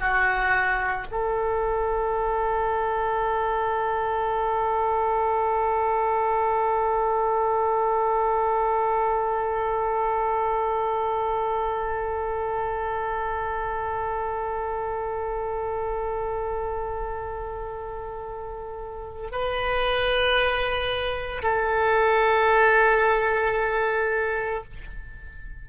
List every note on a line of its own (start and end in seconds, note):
0.00 1.07 F#4
1.12 19.31 A4
19.31 21.43 B4
21.43 24.64 A4